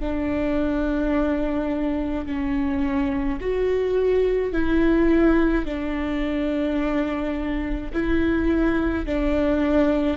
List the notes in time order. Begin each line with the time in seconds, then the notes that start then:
0.00 D4
2.26 C#4
3.41 F#4
4.53 E4
5.66 D4
7.93 E4
9.06 D4